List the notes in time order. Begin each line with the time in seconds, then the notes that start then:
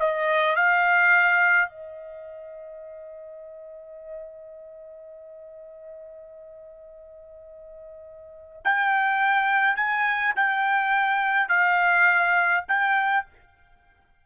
0.00 D#5
0.56 F5
1.70 D#5
8.65 G5
9.77 G#5
10.36 G5
11.49 F5
12.68 G5